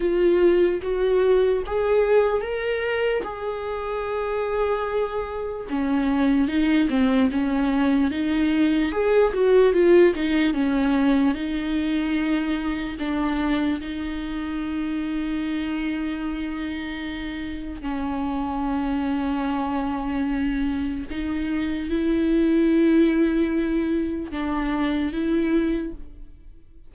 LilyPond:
\new Staff \with { instrumentName = "viola" } { \time 4/4 \tempo 4 = 74 f'4 fis'4 gis'4 ais'4 | gis'2. cis'4 | dis'8 c'8 cis'4 dis'4 gis'8 fis'8 | f'8 dis'8 cis'4 dis'2 |
d'4 dis'2.~ | dis'2 cis'2~ | cis'2 dis'4 e'4~ | e'2 d'4 e'4 | }